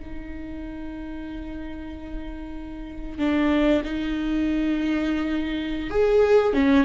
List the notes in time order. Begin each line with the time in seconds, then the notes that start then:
0.00 D#4
3.19 D4
3.84 D#4
5.90 G#4
6.53 C#4